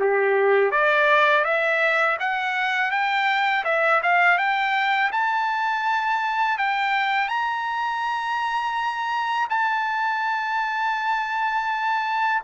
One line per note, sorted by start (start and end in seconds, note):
0.00 0.72 G4
0.72 1.44 D5
1.44 2.18 E5
2.20 2.91 F#5
2.91 3.64 G5
3.65 4.01 E5
4.03 4.38 F5
4.38 5.11 G5
5.12 6.58 A5
6.58 7.28 G5
7.28 9.48 A#5
9.50 12.42 A5